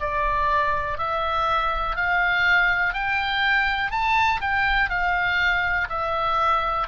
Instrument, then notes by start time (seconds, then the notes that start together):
oboe
0.00 D5
0.98 E5
1.96 F5
2.94 G5
3.91 A5
4.41 G5
4.90 F5
5.89 E5